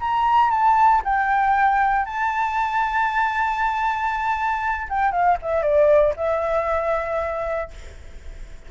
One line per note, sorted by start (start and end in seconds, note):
0.00 0.50 A#5
0.50 1.01 A5
1.04 2.05 G5
2.05 4.87 A5
4.89 5.11 G5
5.11 5.37 F5
5.42 5.62 E5
5.62 6.14 D5
6.16 7.70 E5